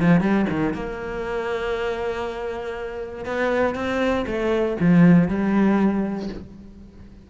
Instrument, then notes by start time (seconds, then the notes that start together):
cello
0.00 F3
0.20 G3
0.50 D#3
0.74 A#3
3.25 B3
3.75 C4
4.27 A3
4.80 F3
5.28 G3